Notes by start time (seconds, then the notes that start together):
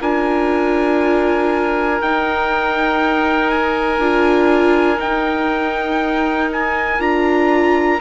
0.00 D4 F4 A#4 G#5
2.01 D#4 G5
3.50 G#5
3.99 D4 F4
4.96 D#4 G5
6.52 G#5
6.99 D4 F4 A#5